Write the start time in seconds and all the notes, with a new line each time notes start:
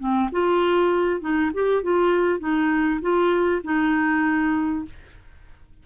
0.00 C4
0.32 F4
1.21 D#4
1.54 G4
1.83 F4
2.40 D#4
3.02 F4
3.64 D#4